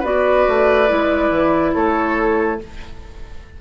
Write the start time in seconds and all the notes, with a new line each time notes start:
0.00 B3 F#4 B4 D5
0.48 A3
0.88 G#3 E4
1.31 E3
1.74 A3 A4 C#5